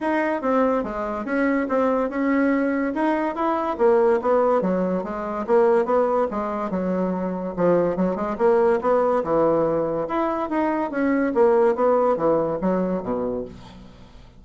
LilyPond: \new Staff \with { instrumentName = "bassoon" } { \time 4/4 \tempo 4 = 143 dis'4 c'4 gis4 cis'4 | c'4 cis'2 dis'4 | e'4 ais4 b4 fis4 | gis4 ais4 b4 gis4 |
fis2 f4 fis8 gis8 | ais4 b4 e2 | e'4 dis'4 cis'4 ais4 | b4 e4 fis4 b,4 | }